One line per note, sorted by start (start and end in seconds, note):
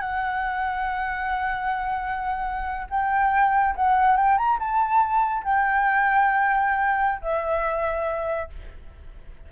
0.00 2.87 F#5
2.90 3.75 G5
3.75 4.17 F#5
4.17 4.37 G5
4.37 4.59 A#5
4.59 5.44 A5
5.44 7.22 G5
7.22 8.49 E5